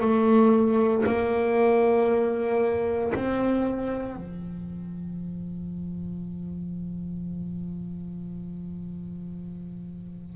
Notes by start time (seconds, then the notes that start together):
0.00 A3
1.05 A#3
3.15 C4
4.16 F3